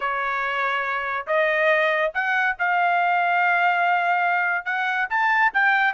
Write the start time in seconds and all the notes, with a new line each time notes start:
0.00 C#5
1.27 D#5
2.14 F#5
2.58 F5
4.65 F#5
5.09 A5
5.53 G5